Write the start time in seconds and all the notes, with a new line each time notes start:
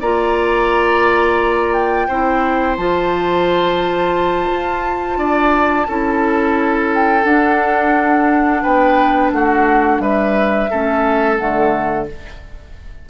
0.00 A#3 F4 D5 A#5
1.72 G5
2.07 C4 E4 C5
2.76 F3 F4 A5
4.51 F4
5.17 D4 D5
5.87 C#4 E4 A4
6.93 G5
7.22 D4 F#5
8.62 B3 B4 G5
9.31 A3 F#4 F#5
9.99 G3 B4 E5
10.70 A3 C#4 A4
11.36 D3 A3 F#5